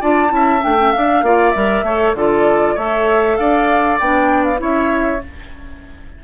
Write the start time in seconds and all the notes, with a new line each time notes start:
0.00 D4 F4 D5 A5
0.28 C#4 E4
0.35 E5
0.60 A3 D4 G5
0.78 C#4
0.92 D4 F5
1.22 A#3 F4 D5
1.50 G3 A#4 E5
1.82 A3 A4 C#5
2.14 D3 F4 A4 D5
2.74 A3 A4 C#5 E5
3.36 D4 D5 F5
3.99 B3 D4 G5
4.44 F5
4.57 C#4 E4 C#5 E5